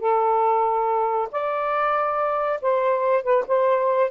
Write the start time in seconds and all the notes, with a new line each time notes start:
0.00 A4
1.31 D5
2.62 C5
3.23 B4
3.48 C5